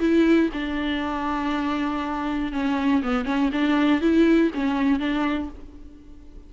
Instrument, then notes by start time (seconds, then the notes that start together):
viola
0.00 E4
0.53 D4
2.52 C#4
3.03 B3
3.25 C#4
3.52 D4
4.01 E4
4.54 C#4
5.00 D4